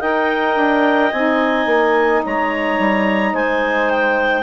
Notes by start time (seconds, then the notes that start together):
0.00 D#4 A#4 D#5 G5
0.56 D4
1.12 C4 D#4 G#5
1.66 A#3
2.25 G#3 C#5 A#5
2.79 G3
3.34 G#3 C5 G#5
3.91 G5